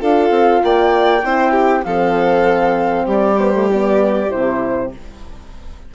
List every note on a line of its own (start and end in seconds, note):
0.00 0.30 D4
0.00 1.22 F4
0.00 0.63 A4
0.00 0.64 F5
0.30 0.61 C4
0.63 1.24 A#3
0.63 1.25 D5
0.63 1.84 G5
1.23 1.85 C4
1.23 1.84 E4
1.23 1.51 C5
1.51 1.82 G4
1.84 3.07 F3
1.84 3.39 C4
1.84 3.05 A4
1.84 3.07 F5
3.05 4.29 G3
3.05 4.89 G4
3.05 3.39 D5
3.39 3.54 B3
3.39 3.69 C5
3.54 3.69 A3
3.71 4.30 B3
3.71 4.31 D5
4.30 4.95 C3
4.30 4.91 E4
4.30 4.92 C5